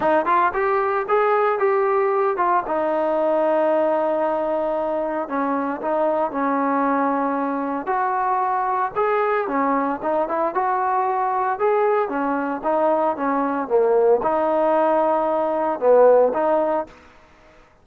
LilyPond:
\new Staff \with { instrumentName = "trombone" } { \time 4/4 \tempo 4 = 114 dis'8 f'8 g'4 gis'4 g'4~ | g'8 f'8 dis'2.~ | dis'2 cis'4 dis'4 | cis'2. fis'4~ |
fis'4 gis'4 cis'4 dis'8 e'8 | fis'2 gis'4 cis'4 | dis'4 cis'4 ais4 dis'4~ | dis'2 b4 dis'4 | }